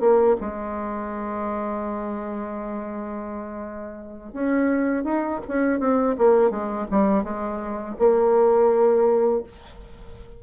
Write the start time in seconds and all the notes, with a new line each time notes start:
0.00 A#3
0.40 G#3
4.33 C#4
5.04 D#4
5.48 C#4
5.80 C4
6.18 A#3
6.50 G#3
6.91 G3
7.24 G#3
7.99 A#3